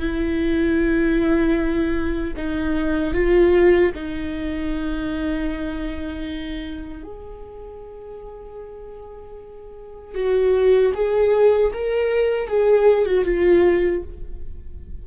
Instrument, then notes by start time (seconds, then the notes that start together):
viola
0.00 E4
2.37 D#4
3.14 F4
3.95 D#4
7.03 G#4
10.15 F#4
10.94 G#4
11.73 A#4
12.48 G#4
13.06 F#4
13.25 F4